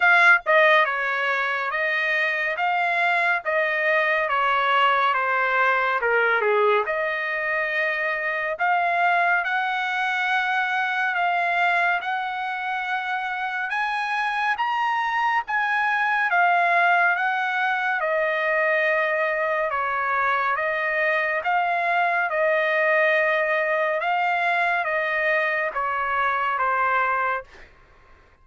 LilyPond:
\new Staff \with { instrumentName = "trumpet" } { \time 4/4 \tempo 4 = 70 f''8 dis''8 cis''4 dis''4 f''4 | dis''4 cis''4 c''4 ais'8 gis'8 | dis''2 f''4 fis''4~ | fis''4 f''4 fis''2 |
gis''4 ais''4 gis''4 f''4 | fis''4 dis''2 cis''4 | dis''4 f''4 dis''2 | f''4 dis''4 cis''4 c''4 | }